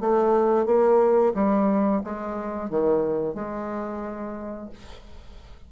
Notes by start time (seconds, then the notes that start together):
0.00 A3
0.65 A#3
1.34 G3
2.03 G#3
2.70 D#3
3.34 G#3